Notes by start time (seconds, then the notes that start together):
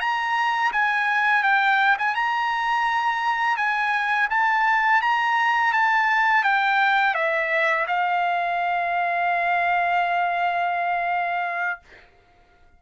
0.00 A#5
0.73 G#5
1.44 G5
1.98 G#5
2.15 A#5
3.57 G#5
4.30 A5
5.02 A#5
5.73 A5
6.44 G5
7.15 E5
7.87 F5